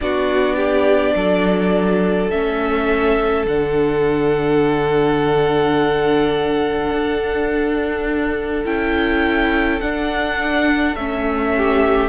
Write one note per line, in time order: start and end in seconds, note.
0.01 1.15 B3
0.01 2.31 D4
0.01 0.56 F#4
0.01 2.30 D5
0.56 1.13 G4
1.15 2.30 F#3
1.15 11.55 A4
2.30 3.45 A3
2.30 3.47 C#4
2.30 3.45 E5
3.45 6.91 D3
3.45 8.65 D4
3.45 8.65 F#5
6.91 8.64 D4
8.65 9.81 C#4
8.65 9.80 E4
8.65 9.80 G5
9.80 10.96 D4
9.80 10.95 D4
9.80 10.95 F#5
10.95 12.09 A3
10.95 12.09 C#4
10.95 12.09 E5
11.57 12.09 G4